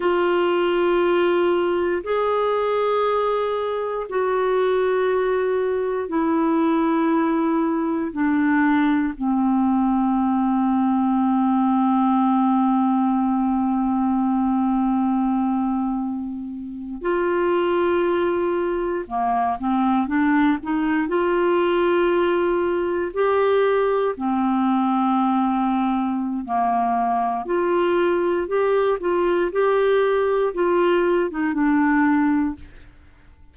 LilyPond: \new Staff \with { instrumentName = "clarinet" } { \time 4/4 \tempo 4 = 59 f'2 gis'2 | fis'2 e'2 | d'4 c'2.~ | c'1~ |
c'8. f'2 ais8 c'8 d'16~ | d'16 dis'8 f'2 g'4 c'16~ | c'2 ais4 f'4 | g'8 f'8 g'4 f'8. dis'16 d'4 | }